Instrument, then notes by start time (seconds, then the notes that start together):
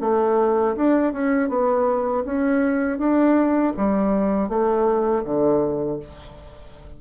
bassoon
0.00 A3
0.75 D4
1.12 C#4
1.48 B3
2.25 C#4
2.98 D4
3.77 G3
4.48 A3
5.24 D3